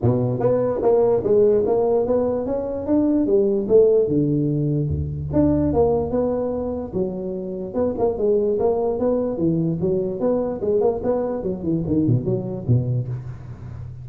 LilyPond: \new Staff \with { instrumentName = "tuba" } { \time 4/4 \tempo 4 = 147 b,4 b4 ais4 gis4 | ais4 b4 cis'4 d'4 | g4 a4 d2 | d,4 d'4 ais4 b4~ |
b4 fis2 b8 ais8 | gis4 ais4 b4 e4 | fis4 b4 gis8 ais8 b4 | fis8 e8 dis8 b,8 fis4 b,4 | }